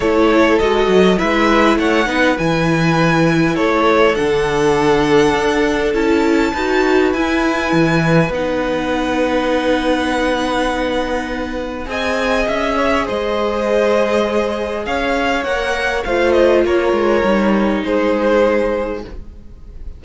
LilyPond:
<<
  \new Staff \with { instrumentName = "violin" } { \time 4/4 \tempo 4 = 101 cis''4 dis''4 e''4 fis''4 | gis''2 cis''4 fis''4~ | fis''2 a''2 | gis''2 fis''2~ |
fis''1 | gis''4 e''4 dis''2~ | dis''4 f''4 fis''4 f''8 dis''8 | cis''2 c''2 | }
  \new Staff \with { instrumentName = "violin" } { \time 4/4 a'2 b'4 cis''8 b'8~ | b'2 a'2~ | a'2. b'4~ | b'1~ |
b'1 | dis''4. cis''8 c''2~ | c''4 cis''2 c''4 | ais'2 gis'2 | }
  \new Staff \with { instrumentName = "viola" } { \time 4/4 e'4 fis'4 e'4. dis'8 | e'2. d'4~ | d'2 e'4 fis'4 | e'2 dis'2~ |
dis'1 | gis'1~ | gis'2 ais'4 f'4~ | f'4 dis'2. | }
  \new Staff \with { instrumentName = "cello" } { \time 4/4 a4 gis8 fis8 gis4 a8 b8 | e2 a4 d4~ | d4 d'4 cis'4 dis'4 | e'4 e4 b2~ |
b1 | c'4 cis'4 gis2~ | gis4 cis'4 ais4 a4 | ais8 gis8 g4 gis2 | }
>>